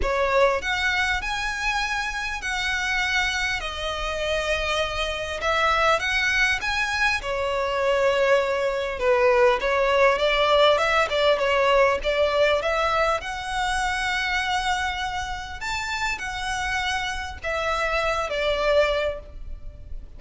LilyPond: \new Staff \with { instrumentName = "violin" } { \time 4/4 \tempo 4 = 100 cis''4 fis''4 gis''2 | fis''2 dis''2~ | dis''4 e''4 fis''4 gis''4 | cis''2. b'4 |
cis''4 d''4 e''8 d''8 cis''4 | d''4 e''4 fis''2~ | fis''2 a''4 fis''4~ | fis''4 e''4. d''4. | }